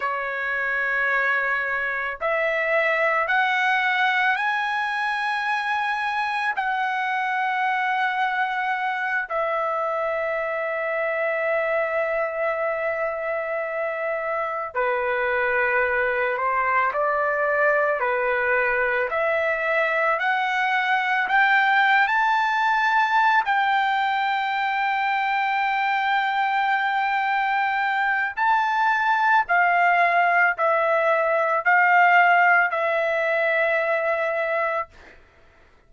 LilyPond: \new Staff \with { instrumentName = "trumpet" } { \time 4/4 \tempo 4 = 55 cis''2 e''4 fis''4 | gis''2 fis''2~ | fis''8 e''2.~ e''8~ | e''4. b'4. c''8 d''8~ |
d''8 b'4 e''4 fis''4 g''8~ | g''16 a''4~ a''16 g''2~ g''8~ | g''2 a''4 f''4 | e''4 f''4 e''2 | }